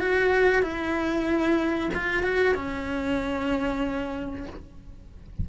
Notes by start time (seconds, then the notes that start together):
0.00 F#4
0.63 E4
1.94 F4
2.23 F#4
2.55 C#4